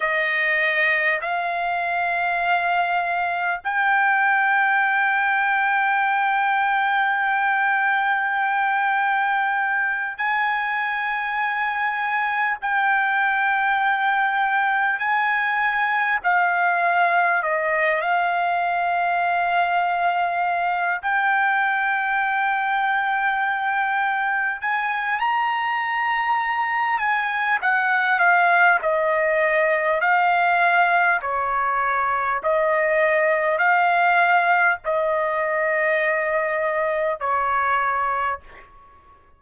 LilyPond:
\new Staff \with { instrumentName = "trumpet" } { \time 4/4 \tempo 4 = 50 dis''4 f''2 g''4~ | g''1~ | g''8 gis''2 g''4.~ | g''8 gis''4 f''4 dis''8 f''4~ |
f''4. g''2~ g''8~ | g''8 gis''8 ais''4. gis''8 fis''8 f''8 | dis''4 f''4 cis''4 dis''4 | f''4 dis''2 cis''4 | }